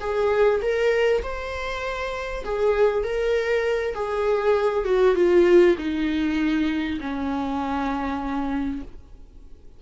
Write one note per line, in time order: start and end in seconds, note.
0.00 0.61 G#4
0.62 1.22 A#4
1.23 2.44 C5
2.44 3.04 G#4
3.04 3.94 A#4
3.94 4.85 G#4
4.85 5.15 F#4
5.15 5.76 F4
5.78 6.99 D#4
7.00 8.82 C#4